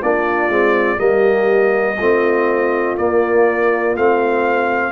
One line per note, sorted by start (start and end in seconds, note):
0.00 0.48 A#3
0.00 0.50 D4
0.00 0.98 F4
0.00 0.99 D5
0.48 0.97 G#3
0.48 0.97 C4
0.97 1.98 G3
0.97 1.95 A#3
0.97 1.98 G4
0.97 2.96 D#5
1.98 2.97 A3
1.98 2.98 C4
1.98 4.91 F4
2.97 3.95 A#3
2.97 3.96 A#3
2.97 3.95 D5
3.95 4.91 A3
3.95 4.91 C4
3.95 4.91 F5